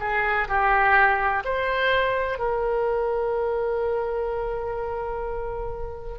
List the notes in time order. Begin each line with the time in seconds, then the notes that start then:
0.00 G#4
0.48 G4
1.45 C5
2.39 A#4